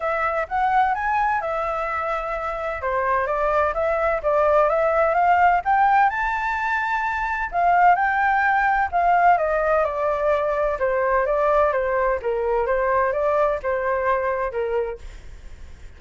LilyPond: \new Staff \with { instrumentName = "flute" } { \time 4/4 \tempo 4 = 128 e''4 fis''4 gis''4 e''4~ | e''2 c''4 d''4 | e''4 d''4 e''4 f''4 | g''4 a''2. |
f''4 g''2 f''4 | dis''4 d''2 c''4 | d''4 c''4 ais'4 c''4 | d''4 c''2 ais'4 | }